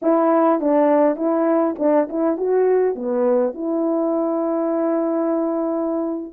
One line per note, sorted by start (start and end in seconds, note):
0.02 0.60 E4
0.60 1.16 D4
1.16 1.74 E4
1.79 2.08 D4
2.09 2.37 E4
2.37 2.95 F#4
2.95 3.53 B3
3.53 6.33 E4